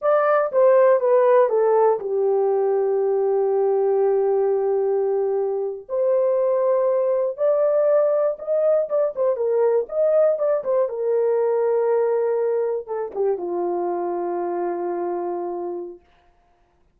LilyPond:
\new Staff \with { instrumentName = "horn" } { \time 4/4 \tempo 4 = 120 d''4 c''4 b'4 a'4 | g'1~ | g'2.~ g'8. c''16~ | c''2~ c''8. d''4~ d''16~ |
d''8. dis''4 d''8 c''8 ais'4 dis''16~ | dis''8. d''8 c''8 ais'2~ ais'16~ | ais'4.~ ais'16 a'8 g'8 f'4~ f'16~ | f'1 | }